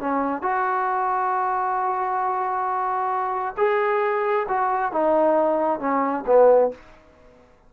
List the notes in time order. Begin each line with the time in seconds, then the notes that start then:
0.00 C#4
0.42 F#4
3.57 G#4
4.49 F#4
4.92 D#4
5.80 C#4
6.26 B3